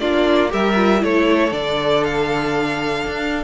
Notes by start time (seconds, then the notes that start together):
0.00 A#3 D4 F4 D5
0.50 G3 G4 A#4 E5
0.76 F4
1.00 A3 E4 A4 C#5
1.52 D3 D4 D5
2.04 F5
3.07 D4